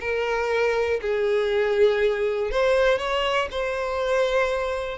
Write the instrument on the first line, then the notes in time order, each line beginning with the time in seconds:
violin
0.00 A#4
1.01 G#4
2.51 C5
2.98 C#5
3.50 C5